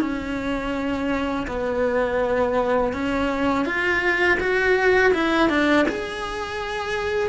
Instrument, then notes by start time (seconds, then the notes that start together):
cello
0.00 C#4
1.47 B3
2.93 C#4
3.65 F4
4.40 F#4
5.14 E4
5.49 D4
5.88 G#4